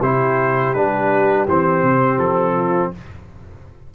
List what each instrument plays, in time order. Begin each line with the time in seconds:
0.00 tuba C3, trombone E4, horn G4, trumpet C5
0.74 tuba G3, trombone D4, trumpet B4
1.48 tuba E3, trombone C4, trumpet C5
1.83 tuba C3
2.18 tuba F3, trumpet A4
2.55 horn F4